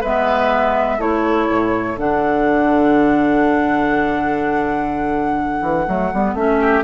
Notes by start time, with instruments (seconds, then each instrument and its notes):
0.00 bassoon G#3, clarinet B3, oboe B4, flute E5
0.98 bassoon A3, clarinet E4, oboe A4, flute C#5
1.49 bassoon A2
1.97 bassoon D3, clarinet D4, flute F#5
5.61 bassoon E3
5.87 bassoon F#3, clarinet A3
6.13 bassoon G3, clarinet B3
6.34 bassoon A3, clarinet C#4, flute E5
6.59 oboe G4